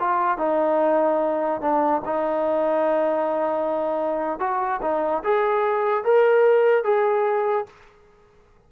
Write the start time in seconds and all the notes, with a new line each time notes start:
0.00 F4
0.38 D#4
1.61 D4
2.05 D#4
4.40 F#4
4.82 D#4
5.24 G#4
6.05 A#4
6.84 G#4